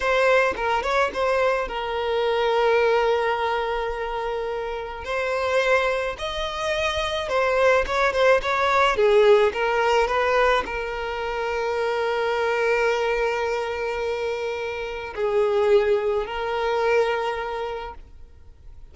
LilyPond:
\new Staff \with { instrumentName = "violin" } { \time 4/4 \tempo 4 = 107 c''4 ais'8 cis''8 c''4 ais'4~ | ais'1~ | ais'4 c''2 dis''4~ | dis''4 c''4 cis''8 c''8 cis''4 |
gis'4 ais'4 b'4 ais'4~ | ais'1~ | ais'2. gis'4~ | gis'4 ais'2. | }